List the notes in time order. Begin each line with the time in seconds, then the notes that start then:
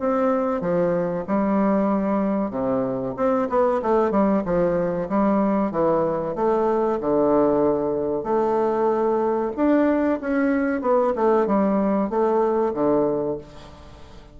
0.00 C4
0.61 F3
1.27 G3
2.51 C3
3.17 C4
3.49 B3
3.82 A3
4.11 G3
4.45 F3
5.09 G3
5.72 E3
6.35 A3
7.01 D3
8.24 A3
9.56 D4
10.21 C#4
10.82 B3
11.16 A3
11.47 G3
12.10 A3
12.74 D3